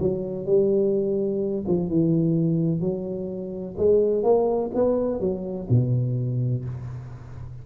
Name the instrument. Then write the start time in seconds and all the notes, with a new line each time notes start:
tuba
0.00 F#3
0.46 G3
1.68 F3
1.89 E3
2.81 F#3
3.78 G#3
4.24 A#3
4.75 B3
5.20 F#3
5.70 B2